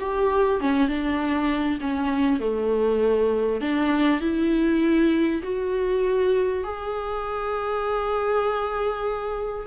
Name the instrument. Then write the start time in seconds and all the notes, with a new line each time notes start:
viola
0.00 G4
0.60 C#4
0.88 D4
1.80 C#4
2.40 A3
3.61 D4
4.21 E4
5.43 F#4
6.64 G#4